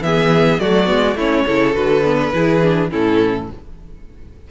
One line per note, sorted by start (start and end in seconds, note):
0.00 0.58 E3
0.00 0.60 B3
0.00 0.61 G#4
0.00 0.59 E5
0.59 0.90 F#3
0.59 0.85 A3
0.59 1.17 F#4
0.59 1.17 D5
0.85 1.15 G#3
0.85 1.13 B3
1.15 1.44 A3
1.15 1.47 C#4
1.15 1.45 E4
1.15 1.74 C#5
1.45 1.75 C#3
1.45 1.73 E4
1.45 2.31 A4
1.73 2.33 D3
1.73 2.02 F#4
1.73 2.90 B4
2.05 2.33 B3
2.33 2.91 E3
2.33 2.61 E4
2.33 2.90 G#4
2.62 2.90 D4
2.90 3.50 A2
2.90 3.47 C#4
2.90 3.48 E4
2.90 3.50 A4